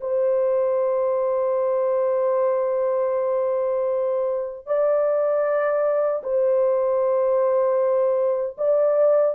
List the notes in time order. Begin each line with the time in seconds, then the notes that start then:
0.00 C5
4.66 D5
6.23 C5
8.57 D5